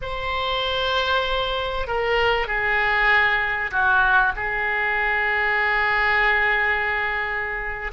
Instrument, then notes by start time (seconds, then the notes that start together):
oboe
0.01 C5
1.87 A#4
2.47 G#4
3.71 F#4
4.36 G#4